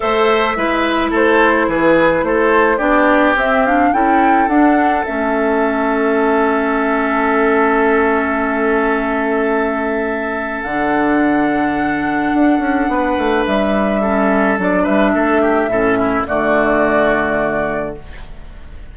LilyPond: <<
  \new Staff \with { instrumentName = "flute" } { \time 4/4 \tempo 4 = 107 e''2 c''4 b'4 | c''4 d''4 e''8 f''8 g''4 | fis''4 e''2.~ | e''1~ |
e''2. fis''4~ | fis''1 | e''2 d''8 e''4.~ | e''4 d''2. | }
  \new Staff \with { instrumentName = "oboe" } { \time 4/4 c''4 b'4 a'4 gis'4 | a'4 g'2 a'4~ | a'1~ | a'1~ |
a'1~ | a'2. b'4~ | b'4 a'4. b'8 a'8 g'8 | a'8 e'8 fis'2. | }
  \new Staff \with { instrumentName = "clarinet" } { \time 4/4 a'4 e'2.~ | e'4 d'4 c'8 d'8 e'4 | d'4 cis'2.~ | cis'1~ |
cis'2. d'4~ | d'1~ | d'4 cis'4 d'2 | cis'4 a2. | }
  \new Staff \with { instrumentName = "bassoon" } { \time 4/4 a4 gis4 a4 e4 | a4 b4 c'4 cis'4 | d'4 a2.~ | a1~ |
a2. d4~ | d2 d'8 cis'8 b8 a8 | g2 fis8 g8 a4 | a,4 d2. | }
>>